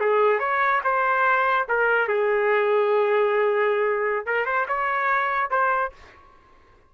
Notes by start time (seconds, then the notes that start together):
0.00 G#4
0.40 C#5
0.84 C5
1.68 A#4
2.08 G#4
4.26 A#4
4.46 C5
4.68 C#5
5.50 C5